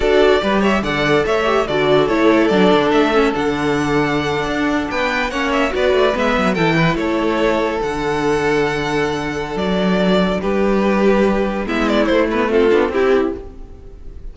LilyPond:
<<
  \new Staff \with { instrumentName = "violin" } { \time 4/4 \tempo 4 = 144 d''4. e''8 fis''4 e''4 | d''4 cis''4 d''4 e''4 | fis''2.~ fis''8. g''16~ | g''8. fis''8 e''8 d''4 e''4 g''16~ |
g''8. cis''2 fis''4~ fis''16~ | fis''2. d''4~ | d''4 b'2. | e''8 d''8 c''8 b'8 a'4 g'4 | }
  \new Staff \with { instrumentName = "violin" } { \time 4/4 a'4 b'8 cis''8 d''4 cis''4 | a'1~ | a'2.~ a'8. b'16~ | b'8. cis''4 b'2 a'16~ |
a'16 b'8 a'2.~ a'16~ | a'1~ | a'4 g'2. | e'2 f'4 e'4 | }
  \new Staff \with { instrumentName = "viola" } { \time 4/4 fis'4 g'4 a'4. g'8 | fis'4 e'4 d'4. cis'8 | d'1~ | d'8. cis'4 fis'4 b4 e'16~ |
e'2~ e'8. d'4~ d'16~ | d'1~ | d'1 | b4 a8 b8 c'8 d'8 e'4 | }
  \new Staff \with { instrumentName = "cello" } { \time 4/4 d'4 g4 d4 a4 | d4 a4 fis8 d8 a4 | d2~ d8. d'4 b16~ | b8. ais4 b8 a8 gis8 fis8 e16~ |
e8. a2 d4~ d16~ | d2. fis4~ | fis4 g2. | gis4 a4. b8 c'4 | }
>>